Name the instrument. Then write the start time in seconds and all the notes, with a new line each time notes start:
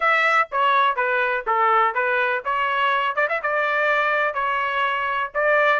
trumpet
0.00 E5
0.51 C#5
0.96 B4
1.46 A4
1.94 B4
2.44 C#5
3.15 D5
3.29 E5
3.42 D5
4.34 C#5
5.34 D5